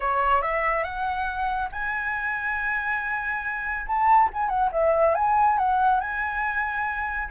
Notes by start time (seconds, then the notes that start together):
0.00 C#5
0.42 E5
0.83 F#5
1.71 G#5
3.86 A5
4.33 G#5
4.48 F#5
4.72 E5
5.14 G#5
5.58 F#5
6.00 G#5